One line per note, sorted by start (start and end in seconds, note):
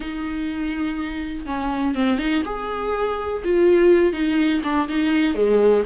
0.00 1.45 D#4
1.45 1.94 C#4
1.94 2.18 C4
2.18 2.42 D#4
2.45 3.42 G#4
3.44 4.12 F4
4.12 4.61 D#4
4.63 4.88 D4
4.88 5.34 D#4
5.34 5.83 G#3